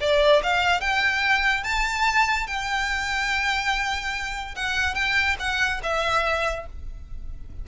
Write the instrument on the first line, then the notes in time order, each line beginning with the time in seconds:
violin
0.00 D5
0.42 F5
0.80 G5
1.63 A5
2.47 G5
4.55 F#5
4.94 G5
5.39 F#5
5.83 E5